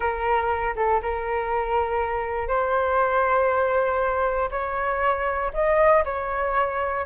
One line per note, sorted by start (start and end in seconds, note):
0.00 0.74 A#4
0.76 1.01 A4
1.02 2.48 A#4
2.48 4.49 C5
4.51 5.51 C#5
5.53 6.04 D#5
6.04 7.05 C#5